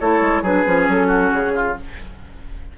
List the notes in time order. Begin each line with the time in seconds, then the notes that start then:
0.00 A3 E4 A4 C#5
0.21 G#3
0.43 F#3 D4 G#4 B4
0.65 F3 C#4
0.88 F#3 A4
1.07 F#4
1.33 C#3 G#4
1.56 F4